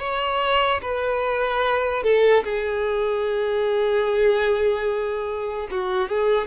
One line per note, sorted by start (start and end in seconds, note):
0.00 0.81 C#5
0.82 2.03 B4
2.03 2.44 A4
2.44 5.68 G#4
5.71 6.09 F#4
6.09 6.47 G#4